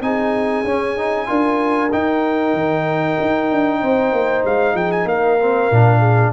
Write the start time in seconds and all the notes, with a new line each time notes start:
0.00 C4 D#4 G#4 G#5
0.64 C#4
0.97 D#4
1.26 D4 F4 A#4
1.92 D#4 G5
2.54 D#3
3.20 D#4
3.51 D4
3.80 C4 C5
4.12 A#3
4.45 G#3 F5
4.74 F3 G#4 G5
4.91 G#5
5.05 A#3 A#4 F5
5.39 C4
5.71 A#2 D4
5.99 G#4